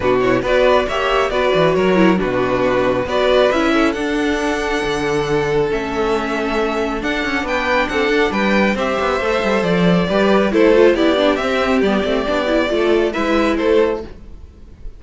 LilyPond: <<
  \new Staff \with { instrumentName = "violin" } { \time 4/4 \tempo 4 = 137 b'8 cis''8 d''4 e''4 d''4 | cis''4 b'2 d''4 | e''4 fis''2.~ | fis''4 e''2. |
fis''4 g''4 fis''4 g''4 | e''2 d''2 | c''4 d''4 e''4 d''4~ | d''2 e''4 c''4 | }
  \new Staff \with { instrumentName = "violin" } { \time 4/4 fis'4 b'4 cis''4 b'4 | ais'4 fis'2 b'4~ | b'8 a'2.~ a'8~ | a'1~ |
a'4 b'4 a'4 b'4 | c''2. b'4 | a'4 g'2.~ | g'4 a'4 b'4 a'4 | }
  \new Staff \with { instrumentName = "viola" } { \time 4/4 d'8 e'8 fis'4 g'4 fis'4~ | fis'8 e'8 d'2 fis'4 | e'4 d'2.~ | d'4 cis'2. |
d'1 | g'4 a'2 g'4 | e'8 f'8 e'8 d'8 c'4 b8 c'8 | d'8 e'8 f'4 e'2 | }
  \new Staff \with { instrumentName = "cello" } { \time 4/4 b,4 b4 ais4 b8 e8 | fis4 b,2 b4 | cis'4 d'2 d4~ | d4 a2. |
d'8 cis'8 b4 c'8 d'8 g4 | c'8 b8 a8 g8 f4 g4 | a4 b4 c'4 g8 a8 | b4 a4 gis4 a4 | }
>>